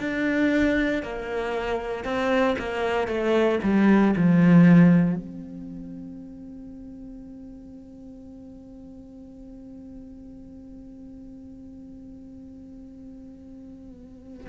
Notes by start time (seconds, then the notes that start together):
0.00 D4
1.03 A#3
2.05 C4
2.59 A#3
3.08 A3
3.63 G3
4.17 F3
5.16 C4